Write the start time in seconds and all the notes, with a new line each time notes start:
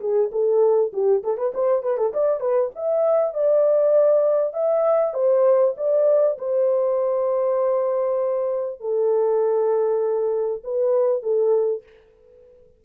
0.00 G#4
0.31 A4
0.93 G4
1.23 A4
1.37 B4
1.54 C5
1.82 B4
1.97 A4
2.13 D5
2.40 B4
2.75 E5
3.33 D5
4.53 E5
5.13 C5
5.76 D5
6.38 C5
8.80 A4
10.64 B4
11.22 A4